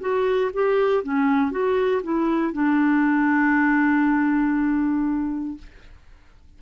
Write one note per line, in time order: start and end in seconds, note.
0.00 0.51 F#4
0.53 1.03 G4
1.03 1.51 C#4
1.51 2.02 F#4
2.03 2.52 E4
2.52 5.57 D4